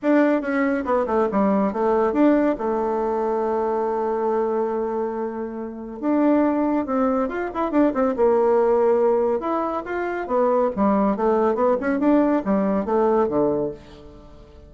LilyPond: \new Staff \with { instrumentName = "bassoon" } { \time 4/4 \tempo 4 = 140 d'4 cis'4 b8 a8 g4 | a4 d'4 a2~ | a1~ | a2 d'2 |
c'4 f'8 e'8 d'8 c'8 ais4~ | ais2 e'4 f'4 | b4 g4 a4 b8 cis'8 | d'4 g4 a4 d4 | }